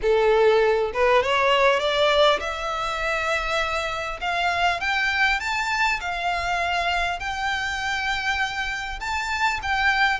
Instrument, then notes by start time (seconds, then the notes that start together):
violin
0.02 A4
0.93 B4
1.22 C#5
1.79 D5
2.40 E5
4.21 F5
4.80 G5
5.40 A5
6.00 F5
7.19 G5
9.00 A5
9.62 G5